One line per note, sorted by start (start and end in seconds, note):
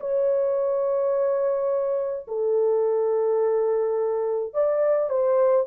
0.00 2.26 C#5
2.28 4.54 A4
4.54 5.09 D5
5.09 5.66 C5